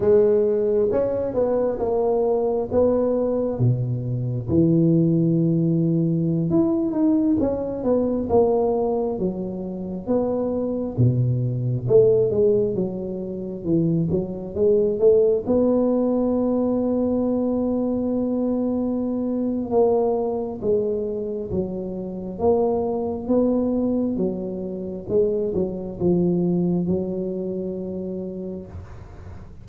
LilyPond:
\new Staff \with { instrumentName = "tuba" } { \time 4/4 \tempo 4 = 67 gis4 cis'8 b8 ais4 b4 | b,4 e2~ e16 e'8 dis'16~ | dis'16 cis'8 b8 ais4 fis4 b8.~ | b16 b,4 a8 gis8 fis4 e8 fis16~ |
fis16 gis8 a8 b2~ b8.~ | b2 ais4 gis4 | fis4 ais4 b4 fis4 | gis8 fis8 f4 fis2 | }